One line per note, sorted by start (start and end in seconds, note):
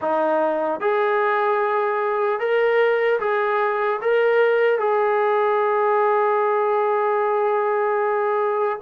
0.01 0.80 D#4
0.80 2.39 G#4
2.39 3.19 A#4
3.20 4.00 G#4
4.01 4.79 A#4
4.79 8.79 G#4